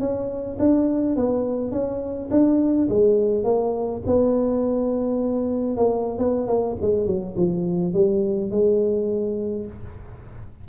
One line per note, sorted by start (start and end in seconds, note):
0.00 0.58 C#4
0.60 1.16 D4
1.16 1.72 B3
1.72 2.29 C#4
2.31 2.89 D4
2.89 3.44 G#3
3.44 4.02 A#3
4.07 5.77 B3
5.77 6.19 A#3
6.19 6.48 B3
6.48 6.77 A#3
6.82 7.07 G#3
7.07 7.36 F#3
7.37 7.94 F3
7.94 8.51 G3
8.51 9.66 G#3